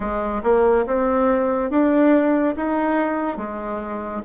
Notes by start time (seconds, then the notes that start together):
0.00 G#3
0.43 A#3
0.86 C4
1.70 D4
2.56 D#4
3.37 G#3